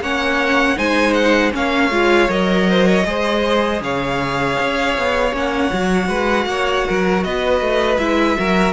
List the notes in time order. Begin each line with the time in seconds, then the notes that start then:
0.00 A#3 C#4 C#5 F#5
0.76 G#3 D#4 C5 G#5
1.13 F#5
1.51 A#3 C#4 C#5 F5
1.90 G#3 F4
2.28 F#3 A#4 D#5
2.70 C5
2.87 C#5
3.05 G#3 G#4 C5
3.80 C#3 C#5 F5
4.60 C#4
4.98 B3
5.32 A#3 C#4 F#5
5.72 F#3 F#4
6.08 G#3 B4
6.46 A#3 C#5
6.87 F#3 A#4
7.24 B3 B4 D#5
7.60 A3
7.98 G#3 E4 E5
8.36 F#3 F#4 A#4